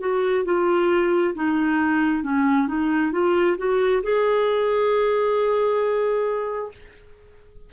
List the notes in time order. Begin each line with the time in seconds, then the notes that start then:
0.00 F#4
0.45 F4
1.35 D#4
2.23 C#4
2.68 D#4
3.12 F4
3.58 F#4
4.03 G#4